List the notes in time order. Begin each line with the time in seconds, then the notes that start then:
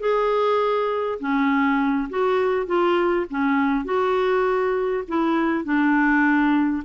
0.00 G#4
1.20 C#4
2.10 F#4
2.67 F4
3.30 C#4
3.85 F#4
5.08 E4
5.64 D4